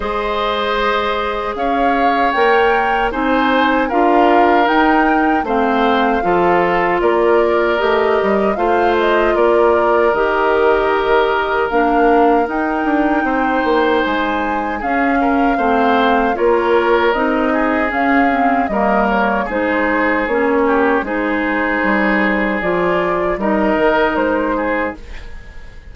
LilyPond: <<
  \new Staff \with { instrumentName = "flute" } { \time 4/4 \tempo 4 = 77 dis''2 f''4 g''4 | gis''4 f''4 g''4 f''4~ | f''4 d''4 dis''4 f''8 dis''8 | d''4 dis''2 f''4 |
g''2 gis''4 f''4~ | f''4 cis''4 dis''4 f''4 | dis''8 cis''8 c''4 cis''4 c''4~ | c''4 d''4 dis''4 c''4 | }
  \new Staff \with { instrumentName = "oboe" } { \time 4/4 c''2 cis''2 | c''4 ais'2 c''4 | a'4 ais'2 c''4 | ais'1~ |
ais'4 c''2 gis'8 ais'8 | c''4 ais'4. gis'4. | ais'4 gis'4. g'8 gis'4~ | gis'2 ais'4. gis'8 | }
  \new Staff \with { instrumentName = "clarinet" } { \time 4/4 gis'2. ais'4 | dis'4 f'4 dis'4 c'4 | f'2 g'4 f'4~ | f'4 g'2 d'4 |
dis'2. cis'4 | c'4 f'4 dis'4 cis'8 c'8 | ais4 dis'4 cis'4 dis'4~ | dis'4 f'4 dis'2 | }
  \new Staff \with { instrumentName = "bassoon" } { \time 4/4 gis2 cis'4 ais4 | c'4 d'4 dis'4 a4 | f4 ais4 a8 g8 a4 | ais4 dis2 ais4 |
dis'8 d'8 c'8 ais8 gis4 cis'4 | a4 ais4 c'4 cis'4 | g4 gis4 ais4 gis4 | g4 f4 g8 dis8 gis4 | }
>>